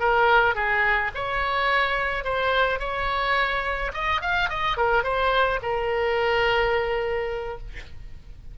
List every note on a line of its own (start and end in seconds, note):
0.00 0.55 A#4
0.55 1.11 G#4
1.15 2.24 C#5
2.24 2.80 C5
2.80 3.92 C#5
3.94 4.22 D#5
4.22 4.50 F5
4.50 4.77 D#5
4.77 5.04 A#4
5.04 5.60 C5
5.62 7.59 A#4